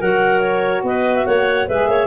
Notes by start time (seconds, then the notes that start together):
0.00 F#3 F#4 A#4 F#5
0.40 C#5
0.83 B3 B4 D#5
1.16 E5
1.25 A#3 C#5 F#5
1.68 G#3 G#4 B4 E5
1.87 A#3 C#5